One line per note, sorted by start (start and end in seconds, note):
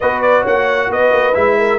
0.00 0.46 B3
0.00 1.33 F#4
0.00 0.41 B4
0.00 0.21 D#5
0.21 0.44 D5
0.41 0.89 A#3
0.41 0.86 C#5
0.41 0.92 F#5
0.89 1.11 B3
0.89 1.58 B4
0.89 1.34 D#5
1.11 1.34 A#3
1.33 1.79 G#3
1.33 1.79 E4
1.33 1.79 E5
1.58 1.79 A#4